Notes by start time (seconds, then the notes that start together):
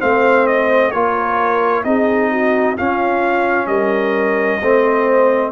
0.00 A3 C4 C5 F5
0.47 D#5
0.91 A#3 F4 A#4 C#5
1.84 C4 D#4 G#4 D#5
2.31 F#4
2.76 C#4 F4 F5
3.67 G3 A#4 D#5
4.61 A3 C4 C5